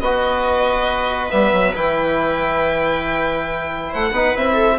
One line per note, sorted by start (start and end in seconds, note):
0.00 1.30 B3
0.00 1.30 F#4
0.00 3.89 B4
0.00 1.30 D#5
1.30 1.52 G3
1.30 1.73 B3
1.30 1.74 E5
1.52 1.74 F#3
1.74 3.92 E3
1.74 4.13 E4
1.74 3.93 G5
3.89 4.11 A3
3.89 4.11 C5
3.89 4.37 F#5
4.11 4.33 B3
4.11 4.35 D#4
4.11 4.53 B4
4.35 4.78 C4
4.35 4.78 E4
4.35 4.78 E5
4.53 4.75 A4